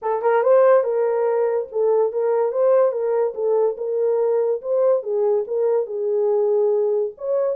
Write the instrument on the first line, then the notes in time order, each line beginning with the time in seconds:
horn
0.02 A4
0.22 A#4
0.42 C5
0.83 A#4
1.71 A4
2.12 A#4
2.52 C5
2.91 A#4
3.34 A4
3.77 A#4
4.61 C5
5.02 G#4
5.47 A#4
5.86 G#4
7.17 C#5